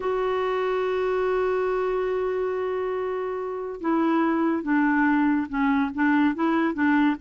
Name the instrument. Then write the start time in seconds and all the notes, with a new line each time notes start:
clarinet
0.00 F#4
3.80 E4
4.62 D4
5.48 C#4
5.94 D4
6.34 E4
6.74 D4